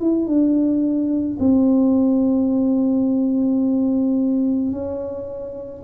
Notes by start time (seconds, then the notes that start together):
0.00 E4
0.27 D4
1.39 C4
4.72 C#4